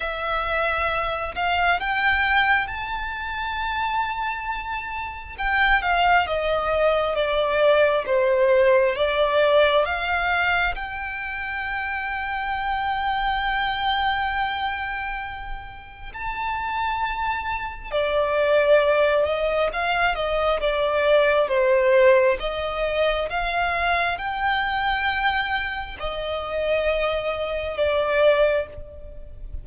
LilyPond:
\new Staff \with { instrumentName = "violin" } { \time 4/4 \tempo 4 = 67 e''4. f''8 g''4 a''4~ | a''2 g''8 f''8 dis''4 | d''4 c''4 d''4 f''4 | g''1~ |
g''2 a''2 | d''4. dis''8 f''8 dis''8 d''4 | c''4 dis''4 f''4 g''4~ | g''4 dis''2 d''4 | }